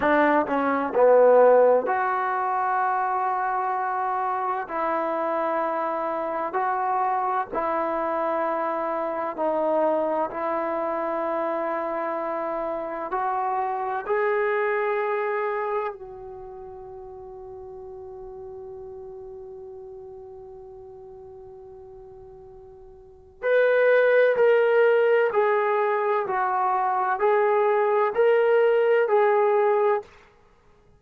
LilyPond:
\new Staff \with { instrumentName = "trombone" } { \time 4/4 \tempo 4 = 64 d'8 cis'8 b4 fis'2~ | fis'4 e'2 fis'4 | e'2 dis'4 e'4~ | e'2 fis'4 gis'4~ |
gis'4 fis'2.~ | fis'1~ | fis'4 b'4 ais'4 gis'4 | fis'4 gis'4 ais'4 gis'4 | }